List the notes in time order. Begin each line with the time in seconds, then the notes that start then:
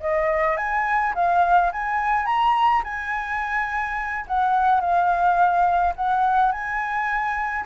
0.00 D#5
0.57 G#5
1.14 F5
1.72 G#5
2.26 A#5
2.84 G#5
4.27 F#5
4.81 F5
5.96 F#5
6.52 G#5